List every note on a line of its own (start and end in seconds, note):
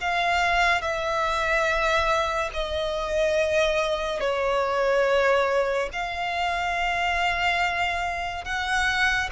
0.00 0.81 F5
0.81 2.50 E5
2.53 4.20 D#5
4.20 5.89 C#5
5.92 8.44 F5
8.44 9.29 F#5